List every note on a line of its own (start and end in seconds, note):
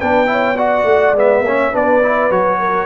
0.00 0.84 B3
0.00 0.27 D4
0.00 0.29 B4
0.00 0.58 G5
0.27 0.55 E4
0.27 0.57 C#5
0.57 1.15 F#4
0.57 1.44 D5
0.57 1.15 F#5
0.84 1.13 A3
1.13 1.42 G#3
1.13 1.46 B3
1.13 1.76 E5
1.42 1.71 A#3
1.42 1.73 C#4
1.42 1.72 C#5
1.72 2.31 B3
1.72 2.02 D4
1.72 2.59 B4
1.72 2.32 D5
2.03 2.31 E4
2.31 2.87 F#3
2.31 2.87 F#4
2.31 2.87 C#5
2.60 2.87 A#4